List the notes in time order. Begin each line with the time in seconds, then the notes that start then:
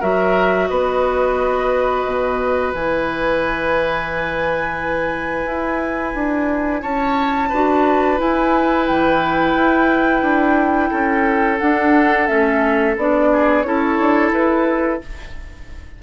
0.00 F#3 F#4 A#4 E5
0.68 B3 B4 D#5
2.05 B2
2.74 E3 E4 G#5
5.46 E4
6.14 D4
6.82 C#4 C#5 A5
7.49 D4 F#4 B4
8.18 E4 G#5
8.87 E3 G5
9.54 E4
10.22 D4
10.90 C#4 A4
11.59 D4 F#5
12.27 A3 C#4 E5
12.97 B3 D4 D5
13.32 G#4
13.62 C#4 E4 A4 C#5
14.00 D4
14.31 E4 B4